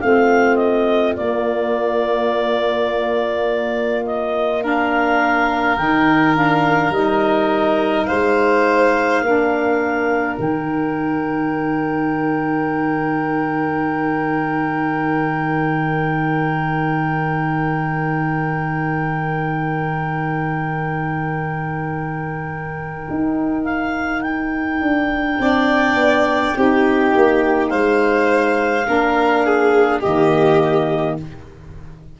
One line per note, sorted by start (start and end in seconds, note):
0.00 1.18 A3
0.00 1.18 C4
0.00 4.63 F4
0.00 0.56 F5
0.56 1.13 D#5
1.16 4.61 A#3
1.16 5.77 A#3
1.16 4.05 D5
4.05 4.63 D#5
4.61 5.77 D4
4.61 8.07 A#4
4.61 5.77 F5
5.77 6.89 D#3
5.77 6.35 D#4
5.77 6.35 G5
6.35 6.93 D4
6.35 6.93 F5
6.89 8.05 G3
6.89 9.25 D#4
6.89 8.05 D#5
8.05 9.21 G#3
8.05 9.22 C5
8.05 10.36 F5
9.21 10.37 A#3
9.21 10.40 D4
9.21 25.42 A#4
10.39 23.08 D#3
10.39 25.40 D#4
10.39 23.64 G5
23.10 24.81 D#4
23.64 24.22 F5
24.22 27.68 G5
24.81 25.38 D4
25.39 25.94 C4
25.39 26.55 D4
25.39 26.57 D5
25.94 26.52 B3
26.56 27.13 C4
26.56 28.86 D#4
26.56 27.70 G4
27.15 27.71 A#3
27.69 28.86 G#3
27.69 28.85 C5
27.69 30.00 F5
28.86 30.03 A#3
28.86 30.02 D4
28.86 29.45 A#4
29.45 30.00 G#4
30.00 31.20 D#3
30.00 31.19 A#3
30.00 31.15 G4
30.00 31.17 D#5